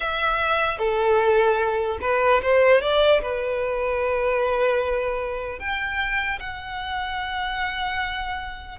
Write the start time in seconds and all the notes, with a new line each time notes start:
0.00 E5
0.78 A4
2.01 B4
2.41 C5
2.81 D5
3.21 B4
5.59 G5
6.39 F#5